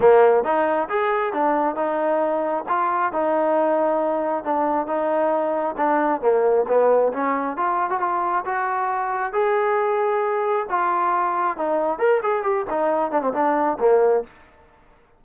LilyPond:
\new Staff \with { instrumentName = "trombone" } { \time 4/4 \tempo 4 = 135 ais4 dis'4 gis'4 d'4 | dis'2 f'4 dis'4~ | dis'2 d'4 dis'4~ | dis'4 d'4 ais4 b4 |
cis'4 f'8. fis'16 f'4 fis'4~ | fis'4 gis'2. | f'2 dis'4 ais'8 gis'8 | g'8 dis'4 d'16 c'16 d'4 ais4 | }